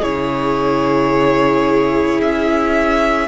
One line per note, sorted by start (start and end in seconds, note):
0.00 2.21 C#3
0.00 3.28 E4
0.00 3.27 G#4
0.00 2.21 C#5
2.21 3.28 C#4
2.21 3.28 E5